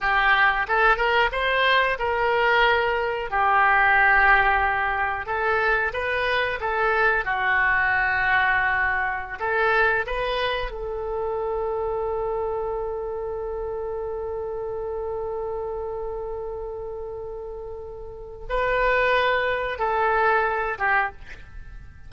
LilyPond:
\new Staff \with { instrumentName = "oboe" } { \time 4/4 \tempo 4 = 91 g'4 a'8 ais'8 c''4 ais'4~ | ais'4 g'2. | a'4 b'4 a'4 fis'4~ | fis'2~ fis'16 a'4 b'8.~ |
b'16 a'2.~ a'8.~ | a'1~ | a'1 | b'2 a'4. g'8 | }